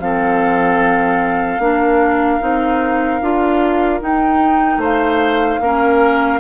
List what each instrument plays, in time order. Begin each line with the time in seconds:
0.00 bassoon F3, clarinet C4, oboe A4, flute F5
1.59 bassoon A#3, clarinet D4, oboe A#4
2.41 bassoon C4, clarinet D#4
3.22 bassoon D4, clarinet F4
4.01 clarinet D#4, bassoon D#4, flute G5
4.78 bassoon A3, oboe C5
4.84 flute F5
5.61 bassoon A#3, clarinet C#4, oboe A#4